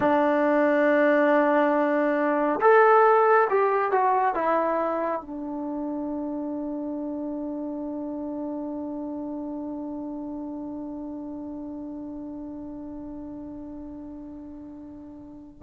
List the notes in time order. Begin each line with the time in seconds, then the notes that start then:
0.00 D4
2.60 A4
3.49 G4
3.91 F#4
4.34 E4
5.21 D4